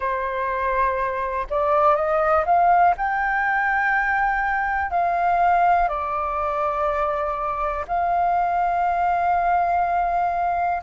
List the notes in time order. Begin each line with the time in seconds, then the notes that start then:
0.00 C5
1.50 D5
1.95 D#5
2.45 F5
2.97 G5
4.90 F5
5.88 D5
7.87 F5